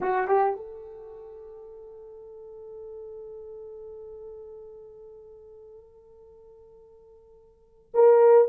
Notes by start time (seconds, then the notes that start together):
0.01 F#4
0.27 G4
0.56 A4
7.93 A#4